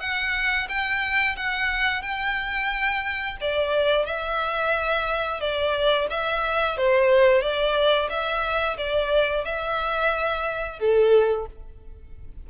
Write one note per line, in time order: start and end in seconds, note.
0.00 0.67 F#5
0.69 1.36 G5
1.36 2.02 F#5
2.02 3.37 G5
3.41 4.06 D5
4.06 5.40 E5
5.40 6.08 D5
6.10 6.77 E5
6.77 7.41 C5
7.41 8.09 D5
8.09 8.77 E5
8.78 9.44 D5
9.44 10.79 E5
10.79 11.46 A4